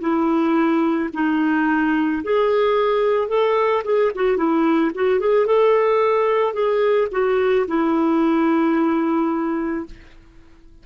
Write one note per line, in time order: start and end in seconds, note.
0.00 1.09 E4
1.14 2.23 D#4
2.24 3.28 G#4
3.28 3.83 A4
3.84 4.12 G#4
4.15 4.37 F#4
4.37 4.91 E4
4.94 5.20 F#4
5.20 5.46 G#4
5.46 6.54 A4
6.54 7.08 G#4
7.12 7.66 F#4
7.68 9.86 E4